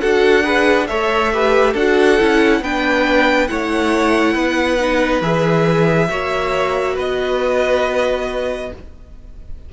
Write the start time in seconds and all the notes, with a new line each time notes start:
0.00 D4 F#4 A4 F#5
0.43 G#4 B4
0.87 A3 A4 C#5 E5
1.32 G4 B4
1.72 D4 F#4 A4 F#5
2.19 C#4 E4
2.61 B3 D4 B4 G5
3.47 A3 E4 C#5 F#5
4.33 B3 B4
4.79 D#4
5.21 E3 G#4 E5
6.09 A#3 F#4 C#5
6.95 B3 B4 D#5